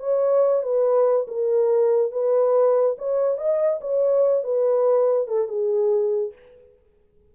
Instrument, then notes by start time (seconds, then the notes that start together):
horn
0.00 C#5
0.63 B4
1.28 A#4
2.12 B4
2.98 C#5
3.38 D#5
3.81 C#5
4.44 B4
5.28 A4
5.48 G#4